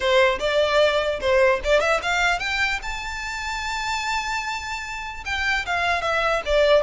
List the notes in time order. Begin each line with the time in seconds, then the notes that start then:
0.00 C5
0.39 D5
1.20 C5
1.63 D5
1.80 E5
2.02 F5
2.39 G5
2.82 A5
5.25 G5
5.66 F5
6.01 E5
6.45 D5